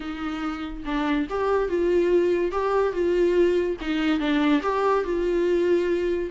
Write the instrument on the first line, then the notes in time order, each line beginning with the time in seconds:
viola
0.00 D#4
0.85 D4
1.29 G4
1.68 F4
2.51 G4
2.92 F4
3.80 D#4
4.19 D4
4.62 G4
5.04 F4